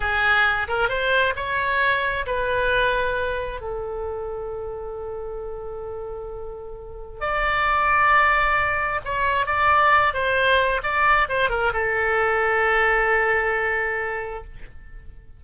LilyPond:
\new Staff \with { instrumentName = "oboe" } { \time 4/4 \tempo 4 = 133 gis'4. ais'8 c''4 cis''4~ | cis''4 b'2. | a'1~ | a'1 |
d''1 | cis''4 d''4. c''4. | d''4 c''8 ais'8 a'2~ | a'1 | }